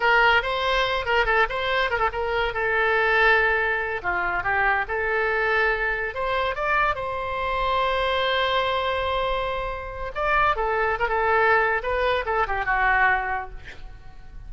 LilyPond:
\new Staff \with { instrumentName = "oboe" } { \time 4/4 \tempo 4 = 142 ais'4 c''4. ais'8 a'8 c''8~ | c''8 ais'16 a'16 ais'4 a'2~ | a'4. f'4 g'4 a'8~ | a'2~ a'8 c''4 d''8~ |
d''8 c''2.~ c''8~ | c''1 | d''4 a'4 ais'16 a'4.~ a'16 | b'4 a'8 g'8 fis'2 | }